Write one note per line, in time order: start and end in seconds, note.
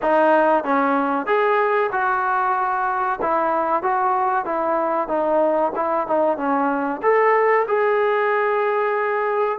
0.02 0.64 D#4
0.64 1.26 C#4
1.26 1.90 G#4
1.91 3.19 F#4
3.21 3.83 E4
3.83 4.45 F#4
4.45 5.07 E4
5.07 5.71 D#4
5.75 6.07 E4
6.07 6.37 D#4
6.37 7.01 C#4
7.02 7.66 A4
7.67 9.58 G#4